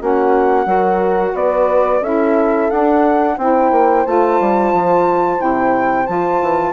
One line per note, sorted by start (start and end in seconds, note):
0.00 0.66 A#3
0.00 0.65 C#4
0.00 0.67 F#4
0.00 1.36 F#5
0.65 1.33 F#3
0.65 2.00 F#4
0.65 1.34 A#4
1.34 2.01 B3
1.34 2.01 B4
1.34 2.03 D5
2.01 2.68 C#4
2.01 2.71 E4
2.01 3.36 A4
2.01 2.70 E5
2.70 3.38 D4
2.70 3.37 F#5
3.37 3.71 C4
3.37 4.05 E4
3.37 6.73 C5
3.37 4.06 G5
3.71 4.05 A#3
4.05 4.40 A3
4.05 5.37 F4
4.05 5.41 A5
4.40 4.73 G3
4.73 5.40 F3
5.37 6.08 C3
5.37 6.05 E4
5.37 6.06 G5
6.06 6.41 F3
6.06 6.73 F4
6.06 6.73 A5
6.41 6.73 E3